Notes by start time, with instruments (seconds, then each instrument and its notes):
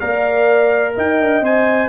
0.00 tuba A#3, trombone A#4, horn D5, trumpet F5
0.96 tuba D#4, horn D#5, trumpet G5
1.20 tuba D4
1.41 tuba C4, trombone C5, trumpet G#5